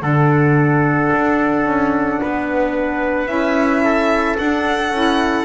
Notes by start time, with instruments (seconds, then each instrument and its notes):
0.00 double bass D3, saxophone D4, trumpet A4, violin F#5
1.13 double bass D4
1.65 double bass C#4
2.21 double bass B3, trumpet B4
3.27 double bass C#4, saxophone E4, violin E5
3.84 trumpet A4
4.38 saxophone D4, double bass D4, violin F#5
4.90 double bass C#4, saxophone E4